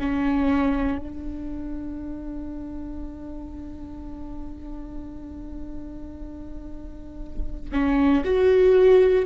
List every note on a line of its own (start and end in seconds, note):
0.00 0.99 C#4
0.99 7.71 D4
7.72 8.24 C#4
8.25 9.26 F#4